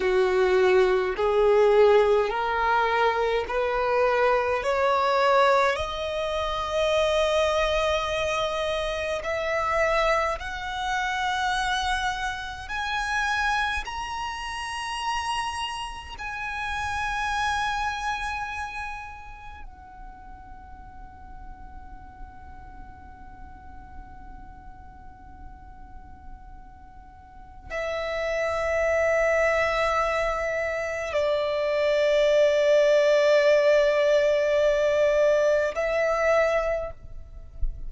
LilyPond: \new Staff \with { instrumentName = "violin" } { \time 4/4 \tempo 4 = 52 fis'4 gis'4 ais'4 b'4 | cis''4 dis''2. | e''4 fis''2 gis''4 | ais''2 gis''2~ |
gis''4 fis''2.~ | fis''1 | e''2. d''4~ | d''2. e''4 | }